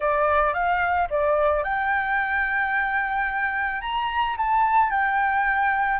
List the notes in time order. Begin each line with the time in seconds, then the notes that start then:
0.00 D5
0.53 F5
1.10 D5
1.63 G5
3.81 A#5
4.37 A5
4.90 G5